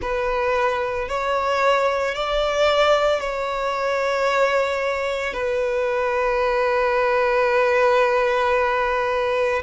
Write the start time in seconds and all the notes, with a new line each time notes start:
0.01 B4
1.08 C#5
2.14 D5
3.20 C#5
5.33 B4